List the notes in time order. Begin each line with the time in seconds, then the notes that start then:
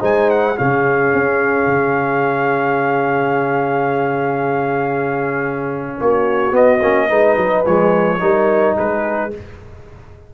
0.00 G#3 D#4 C5 G#5
0.30 F#5
0.56 C#3 C#4 G#4 F5
1.14 C#4
1.67 C#3
6.00 A#3 F#4 C#5
6.52 B3 D#5
6.82 A#3 C#4
7.08 G#3 D#4 B4
7.37 F#3
7.66 F3 G#3 C#5
8.20 G3 D#4 A#4
8.76 G#3 G#4 B4